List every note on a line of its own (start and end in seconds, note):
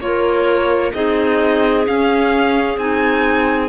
0.00 0.92 A#3
0.00 0.93 F4
0.00 0.95 A#4
0.00 0.93 C#5
0.93 1.87 C4
0.93 1.86 D#4
0.93 3.69 G#4
0.93 1.85 D#5
1.86 2.78 C#4
1.86 2.79 F5
2.78 3.69 C4
2.78 3.69 D#4
2.78 3.69 G#5